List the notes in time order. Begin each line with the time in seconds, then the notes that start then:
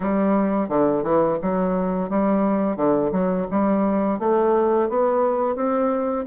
0.00 G3
0.68 D3
1.03 E3
1.41 F#3
2.09 G3
2.76 D3
3.11 F#3
3.50 G3
4.19 A3
4.89 B3
5.55 C4